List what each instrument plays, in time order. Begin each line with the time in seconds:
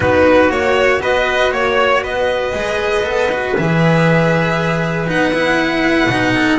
0.00 double bass B3, cello D#4, trumpet F#4, violin B4
0.50 double bass A#3, cello F#4, violin C#5
1.01 double bass B3, trumpet B4, violin D#5
1.51 double bass A#3, trumpet C#5, violin C#5
2.02 double bass B3, trumpet B4, violin D#5
2.53 double bass G#3, cello G#4
3.03 double bass B3, cello A4
3.31 cello F#4
3.57 double bass E3, cello G#4, violin E5
5.07 double bass B3, cello D#4, violin F#5
5.33 cello E4
6.06 double bass B2, cello D#4
6.34 trumpet A4